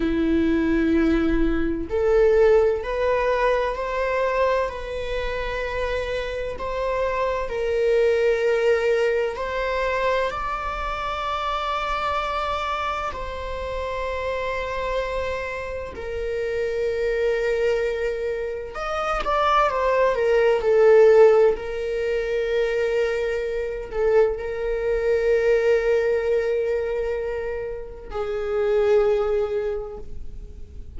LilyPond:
\new Staff \with { instrumentName = "viola" } { \time 4/4 \tempo 4 = 64 e'2 a'4 b'4 | c''4 b'2 c''4 | ais'2 c''4 d''4~ | d''2 c''2~ |
c''4 ais'2. | dis''8 d''8 c''8 ais'8 a'4 ais'4~ | ais'4. a'8 ais'2~ | ais'2 gis'2 | }